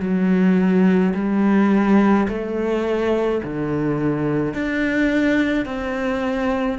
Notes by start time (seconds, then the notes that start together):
0.00 F#3
1.14 G3
2.28 A3
3.43 D3
4.54 D4
5.65 C4